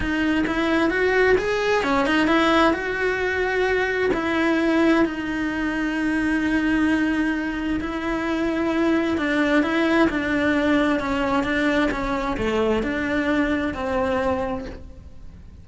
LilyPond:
\new Staff \with { instrumentName = "cello" } { \time 4/4 \tempo 4 = 131 dis'4 e'4 fis'4 gis'4 | cis'8 dis'8 e'4 fis'2~ | fis'4 e'2 dis'4~ | dis'1~ |
dis'4 e'2. | d'4 e'4 d'2 | cis'4 d'4 cis'4 a4 | d'2 c'2 | }